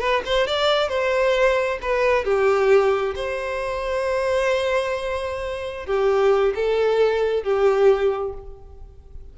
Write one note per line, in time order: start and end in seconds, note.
0.00 0.23 B4
0.26 0.48 C5
0.48 0.89 D5
0.89 1.79 C5
1.82 2.25 B4
2.25 3.15 G4
3.16 5.86 C5
5.87 6.54 G4
6.55 7.44 A4
7.44 8.34 G4